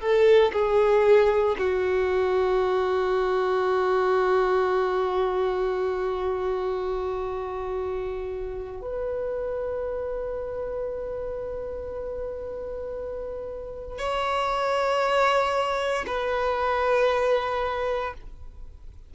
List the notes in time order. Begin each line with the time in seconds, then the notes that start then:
0.00 A4
0.53 G#4
1.58 F#4
8.82 B4
13.98 C#5
16.07 B4